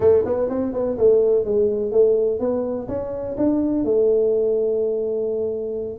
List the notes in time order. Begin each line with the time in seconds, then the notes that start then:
0.00 A3
0.25 B3
0.49 C4
0.73 B3
0.97 A3
1.44 G#3
1.91 A3
2.39 B3
2.88 C#4
3.37 D4
3.84 A3